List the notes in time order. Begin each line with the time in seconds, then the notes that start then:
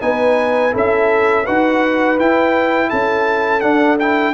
0.00 B3 D#4 B4 G#5
0.71 C#4 E4 A4
0.77 E5
1.44 D#4 F#4 B4 F#5
2.19 E4 G5
2.90 C#4 A4 A5
3.60 D4 F#5
3.99 E4 G5